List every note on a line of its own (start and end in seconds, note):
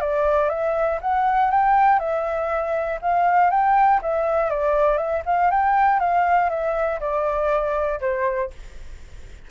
0.00 0.49 D5
0.49 0.99 E5
1.01 1.50 F#5
1.50 1.99 G5
1.99 2.99 E5
3.01 3.50 F5
3.50 4.00 G5
4.02 4.50 E5
4.50 4.97 D5
4.97 5.22 E5
5.25 5.50 F5
5.50 5.99 G5
5.99 6.49 F5
6.49 6.99 E5
7.00 8.00 D5
8.00 8.50 C5